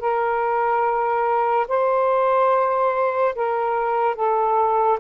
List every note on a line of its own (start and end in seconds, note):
0.00 1.67 A#4
1.68 3.35 C5
3.35 4.16 A#4
4.16 4.99 A4